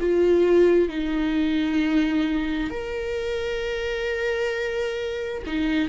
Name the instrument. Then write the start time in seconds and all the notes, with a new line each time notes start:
viola
0.00 F4
0.89 D#4
2.70 A#4
5.46 D#4